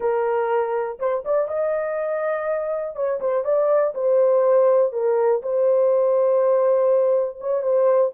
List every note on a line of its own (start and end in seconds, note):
0.00 0.98 A#4
0.99 1.24 C5
1.24 1.48 D5
1.48 2.95 D#5
2.95 3.20 C#5
3.20 3.44 C5
3.44 3.93 D5
3.94 4.92 C5
4.92 5.41 A#4
5.42 7.39 C5
7.40 7.62 C#5
7.62 8.11 C5